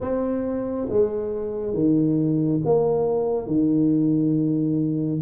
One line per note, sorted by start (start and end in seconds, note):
0.00 0.87 C4
0.89 1.73 G#3
1.73 2.60 D#3
2.64 3.46 A#3
3.46 5.20 D#3